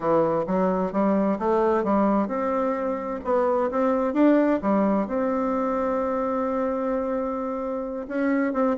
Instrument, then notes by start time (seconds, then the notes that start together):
bassoon
0.00 E3
0.46 F#3
0.92 G3
1.38 A3
1.84 G3
2.27 C4
3.24 B3
3.70 C4
4.13 D4
4.62 G3
5.07 C4
8.08 C#4
8.53 C4